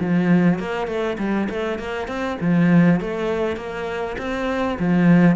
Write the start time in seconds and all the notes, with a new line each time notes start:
0.00 F3
0.59 A#3
0.87 A3
1.18 G3
1.50 A3
1.79 A#3
2.08 C4
2.41 F3
3.01 A3
3.56 A#3
4.18 C4
4.79 F3